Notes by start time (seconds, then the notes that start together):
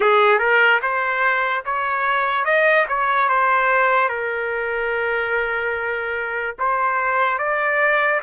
0.00 G#4
0.38 A#4
0.81 C5
1.65 C#5
2.44 D#5
2.88 C#5
3.29 C5
4.09 A#4
6.59 C5
7.38 D5